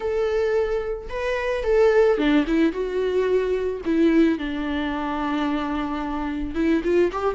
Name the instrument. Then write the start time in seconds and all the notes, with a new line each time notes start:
viola
0.00 A4
1.09 B4
1.63 A4
2.17 D4
2.46 E4
2.72 F#4
3.85 E4
4.38 D4
6.55 E4
6.83 F4
7.12 G4